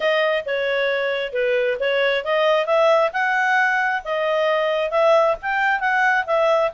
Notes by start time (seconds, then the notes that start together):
0.00 D#5
0.45 C#5
1.32 B4
1.79 C#5
2.24 D#5
2.65 E5
3.12 F#5
4.04 D#5
4.91 E5
5.42 G5
5.79 F#5
6.26 E5